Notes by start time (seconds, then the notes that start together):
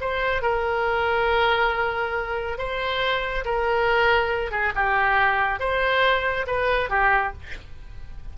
0.00 C5
0.42 A#4
2.58 C5
3.45 A#4
4.51 G#4
4.75 G4
5.59 C5
6.46 B4
6.89 G4